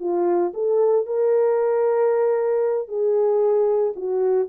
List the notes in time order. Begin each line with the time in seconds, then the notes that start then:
0.00 F4
0.54 A4
1.06 A#4
2.88 G#4
3.96 F#4